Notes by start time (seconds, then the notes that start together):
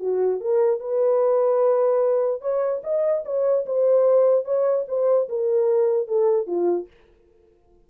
0.00 F#4
0.41 A#4
0.80 B4
2.41 C#5
2.84 D#5
3.25 C#5
3.66 C5
4.45 C#5
4.88 C5
5.29 A#4
6.08 A4
6.47 F4